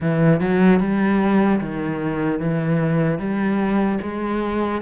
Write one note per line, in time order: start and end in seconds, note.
0.00 0.40 E3
0.40 0.80 F#3
0.80 1.60 G3
1.60 2.39 D#3
2.39 3.19 E3
3.19 3.99 G3
4.01 4.81 G#3